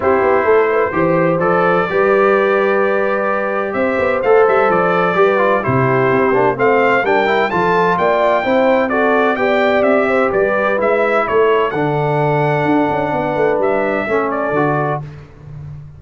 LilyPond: <<
  \new Staff \with { instrumentName = "trumpet" } { \time 4/4 \tempo 4 = 128 c''2. d''4~ | d''1 | e''4 f''8 e''8 d''2 | c''2 f''4 g''4 |
a''4 g''2 d''4 | g''4 e''4 d''4 e''4 | cis''4 fis''2.~ | fis''4 e''4. d''4. | }
  \new Staff \with { instrumentName = "horn" } { \time 4/4 g'4 a'8 b'8 c''2 | b'1 | c''2. b'4 | g'2 c''4 ais'4 |
a'4 d''4 c''4 a'4 | d''4. c''8 b'2 | a'1 | b'2 a'2 | }
  \new Staff \with { instrumentName = "trombone" } { \time 4/4 e'2 g'4 a'4 | g'1~ | g'4 a'2 g'8 f'8 | e'4. d'8 c'4 d'8 e'8 |
f'2 e'4 fis'4 | g'2. e'4~ | e'4 d'2.~ | d'2 cis'4 fis'4 | }
  \new Staff \with { instrumentName = "tuba" } { \time 4/4 c'8 b8 a4 e4 f4 | g1 | c'8 b8 a8 g8 f4 g4 | c4 c'8 ais8 a4 g4 |
f4 ais4 c'2 | b4 c'4 g4 gis4 | a4 d2 d'8 cis'8 | b8 a8 g4 a4 d4 | }
>>